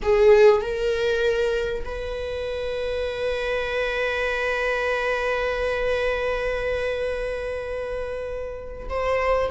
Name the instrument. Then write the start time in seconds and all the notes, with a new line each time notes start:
viola
0.02 G#4
0.61 A#4
1.85 B4
8.89 C5